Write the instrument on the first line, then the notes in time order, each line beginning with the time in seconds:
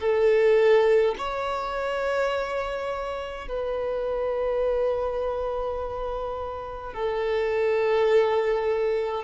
violin
0.00 A4
1.18 C#5
3.48 B4
6.93 A4